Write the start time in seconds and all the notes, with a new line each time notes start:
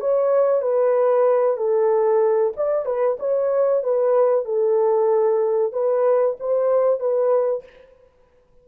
0.00 C#5
0.62 B4
1.57 A4
2.56 D5
2.85 B4
3.19 C#5
3.83 B4
4.44 A4
5.72 B4
6.39 C5
7.00 B4